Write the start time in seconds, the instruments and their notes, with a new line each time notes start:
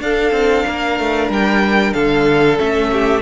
0.00 cello D4, viola D4, violin A4 F5
0.32 cello C4
0.66 cello A#3, violin A#4
1.00 cello A3
1.29 cello G3, violin G5
1.94 cello D3, violin A4 F5
2.57 cello A3, viola C#4, violin E5
2.93 violin G4